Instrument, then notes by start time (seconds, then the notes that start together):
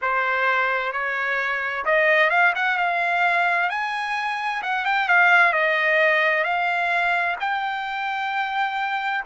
trumpet
0.01 C5
0.92 C#5
1.85 D#5
2.30 F5
2.55 F#5
2.77 F5
3.69 G#5
4.62 F#5
4.85 G5
5.08 F5
5.53 D#5
6.44 F5
7.39 G5